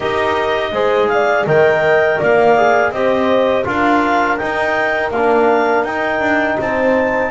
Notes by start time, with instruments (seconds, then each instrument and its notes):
0.00 double bass D#4, trombone G4, horn A#4, clarinet D#5
0.72 double bass G#3, trombone G#4, horn C5
1.08 horn D5, clarinet F5
1.46 double bass D#3, trombone A#4, horn D#5, clarinet G5
2.19 double bass A#3, horn D5, clarinet F5
2.57 trombone G#4
2.91 double bass C4, trombone G4, horn C5, clarinet D#5
3.64 double bass D4, trombone F4, horn A#4, clarinet F5
4.37 trombone D#4, double bass D#4, clarinet G5
5.11 double bass A#3, trombone D4, clarinet F5
5.84 double bass D#4, trombone D#4, clarinet G5
6.20 double bass D4
6.59 double bass C4, horn C5, clarinet A5